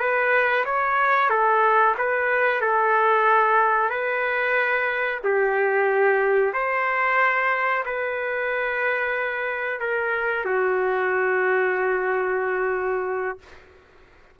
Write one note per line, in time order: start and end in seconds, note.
0.00 0.65 B4
0.66 1.30 C#5
1.30 1.96 A4
1.98 2.61 B4
2.61 3.90 A4
3.90 5.21 B4
5.24 6.54 G4
6.54 7.84 C5
7.86 9.80 B4
9.80 10.45 A#4
10.46 13.39 F#4